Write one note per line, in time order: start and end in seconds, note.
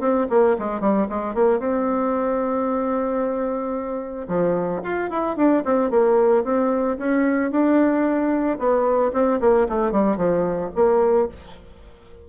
0.00 0.27 C4
0.29 0.56 A#3
0.58 0.80 G#3
0.80 1.07 G3
1.09 1.34 G#3
1.34 1.59 A#3
1.59 4.27 C4
4.28 4.81 F3
4.83 5.10 F4
5.10 5.36 E4
5.36 5.63 D4
5.64 5.90 C4
5.90 6.44 A#3
6.44 6.97 C4
6.98 7.51 C#4
7.51 8.58 D4
8.58 9.12 B3
9.13 9.40 C4
9.40 9.67 A#3
9.69 9.91 A3
9.91 10.17 G3
10.17 10.70 F3
10.75 11.28 A#3